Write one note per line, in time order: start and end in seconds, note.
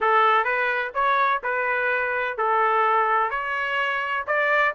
0.01 0.44 A4
0.44 0.91 B4
0.94 1.41 C#5
1.43 2.37 B4
2.37 3.30 A4
3.30 4.24 C#5
4.26 4.74 D5